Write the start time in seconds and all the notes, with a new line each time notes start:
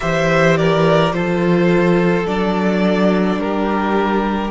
0.00 E3 G4 C5 E5
0.56 A#4 D5
1.12 F3 F4 A4 C5
2.26 F#3 D4 D5
3.36 G3 A#4
3.43 G4